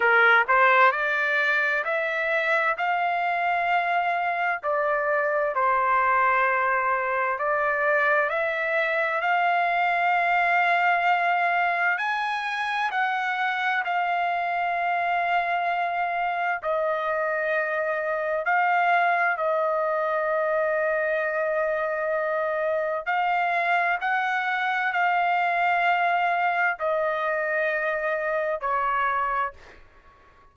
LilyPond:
\new Staff \with { instrumentName = "trumpet" } { \time 4/4 \tempo 4 = 65 ais'8 c''8 d''4 e''4 f''4~ | f''4 d''4 c''2 | d''4 e''4 f''2~ | f''4 gis''4 fis''4 f''4~ |
f''2 dis''2 | f''4 dis''2.~ | dis''4 f''4 fis''4 f''4~ | f''4 dis''2 cis''4 | }